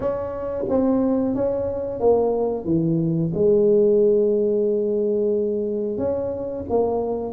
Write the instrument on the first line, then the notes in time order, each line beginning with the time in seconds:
tuba
0.00 C#4
0.68 C4
1.35 C#4
1.99 A#3
2.65 E3
3.34 G#3
5.97 C#4
6.69 A#3